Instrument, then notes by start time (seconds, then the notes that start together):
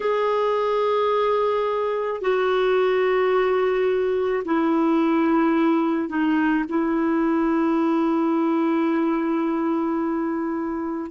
clarinet
0.00 G#4
2.21 F#4
4.44 E4
6.09 D#4
6.68 E4